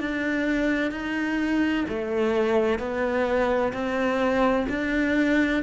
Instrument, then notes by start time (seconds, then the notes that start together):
cello
0.00 D4
0.92 D#4
1.89 A3
2.79 B3
3.73 C4
4.70 D4